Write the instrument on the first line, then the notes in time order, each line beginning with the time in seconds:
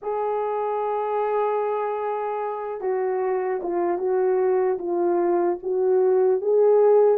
horn
0.02 G#4
2.80 F#4
3.62 F4
3.98 F#4
4.78 F4
5.62 F#4
6.41 G#4